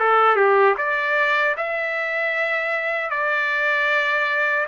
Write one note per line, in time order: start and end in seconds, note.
0.00 0.36 A4
0.36 0.75 G4
0.78 1.56 D5
1.58 3.11 E5
3.11 4.66 D5